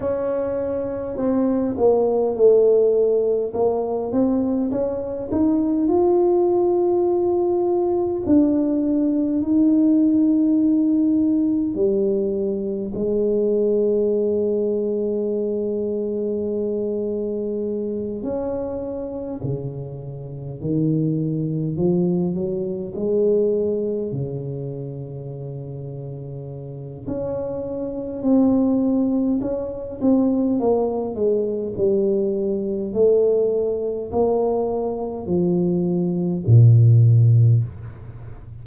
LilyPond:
\new Staff \with { instrumentName = "tuba" } { \time 4/4 \tempo 4 = 51 cis'4 c'8 ais8 a4 ais8 c'8 | cis'8 dis'8 f'2 d'4 | dis'2 g4 gis4~ | gis2.~ gis8 cis'8~ |
cis'8 cis4 dis4 f8 fis8 gis8~ | gis8 cis2~ cis8 cis'4 | c'4 cis'8 c'8 ais8 gis8 g4 | a4 ais4 f4 ais,4 | }